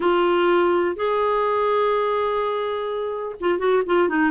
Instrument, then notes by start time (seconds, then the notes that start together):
clarinet
0.00 F4
0.95 G#4
3.40 F4
3.58 F#4
3.86 F4
4.08 D#4